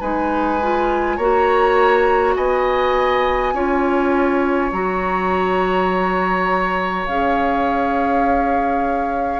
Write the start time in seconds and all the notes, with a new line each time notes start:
0.00 G#3 D#4 B4 G#5
0.62 F4
1.16 A#3 F#4 C#5 A#5
2.36 B3 D#5 G#5
3.53 C#4 F4 C#5
4.72 F#3 F#4 A#5
7.06 C#4 G#4 F5